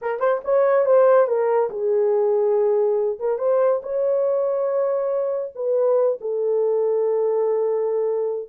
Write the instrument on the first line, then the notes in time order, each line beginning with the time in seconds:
horn
0.01 A#4
0.19 C5
0.44 C#5
0.85 C5
1.27 A#4
1.69 G#4
3.19 A#4
3.38 C5
3.82 C#5
5.55 B4
6.21 A4